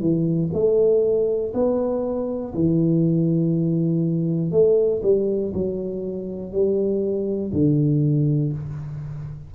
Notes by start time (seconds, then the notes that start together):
0.00 E3
0.53 A3
1.54 B3
2.54 E3
4.51 A3
5.02 G3
5.53 F#3
6.52 G3
7.53 D3